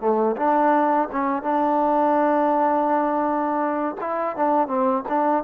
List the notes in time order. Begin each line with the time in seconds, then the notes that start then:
0.00 A3
0.37 D4
1.12 C#4
1.43 D4
4.01 E4
4.37 D4
4.68 C4
5.09 D4